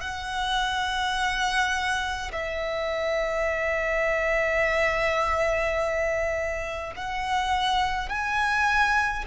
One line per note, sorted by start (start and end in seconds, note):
0.00 2.31 F#5
2.32 6.93 E5
6.96 8.09 F#5
8.09 9.24 G#5